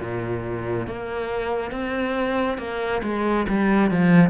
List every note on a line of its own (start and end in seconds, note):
0.00 0.87 A#2
0.87 1.71 A#3
1.71 2.58 C4
2.58 3.01 A#3
3.02 3.46 G#3
3.48 3.91 G3
3.91 4.30 F3